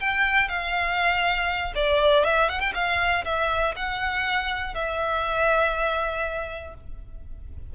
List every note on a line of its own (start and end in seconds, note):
0.00 0.48 G5
0.48 1.73 F5
1.75 2.24 D5
2.24 2.49 E5
2.49 2.60 F#5
2.60 2.72 G5
2.74 3.24 F5
3.25 3.75 E5
3.76 4.74 F#5
4.74 6.74 E5